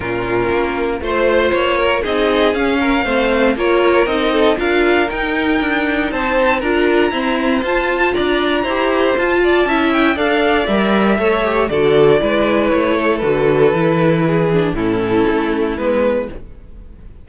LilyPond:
<<
  \new Staff \with { instrumentName = "violin" } { \time 4/4 \tempo 4 = 118 ais'2 c''4 cis''4 | dis''4 f''2 cis''4 | dis''4 f''4 g''2 | a''4 ais''2 a''4 |
ais''2 a''4. g''8 | f''4 e''2 d''4~ | d''4 cis''4 b'2~ | b'4 a'2 b'4 | }
  \new Staff \with { instrumentName = "violin" } { \time 4/4 f'2 c''4. ais'8 | gis'4. ais'8 c''4 ais'4~ | ais'8 a'8 ais'2. | c''4 ais'4 c''2 |
d''4 c''4. d''8 e''4 | d''2 cis''4 a'4 | b'4. a'2~ a'8 | gis'4 e'2. | }
  \new Staff \with { instrumentName = "viola" } { \time 4/4 cis'2 f'2 | dis'4 cis'4 c'4 f'4 | dis'4 f'4 dis'2~ | dis'4 f'4 c'4 f'4~ |
f'4 g'4 f'4 e'4 | a'4 ais'4 a'8 g'8 fis'4 | e'2 fis'4 e'4~ | e'8 d'8 cis'2 b4 | }
  \new Staff \with { instrumentName = "cello" } { \time 4/4 ais,4 ais4 a4 ais4 | c'4 cis'4 a4 ais4 | c'4 d'4 dis'4 d'4 | c'4 d'4 e'4 f'4 |
d'4 e'4 f'4 cis'4 | d'4 g4 a4 d4 | gis4 a4 d4 e4~ | e4 a,4 a4 gis4 | }
>>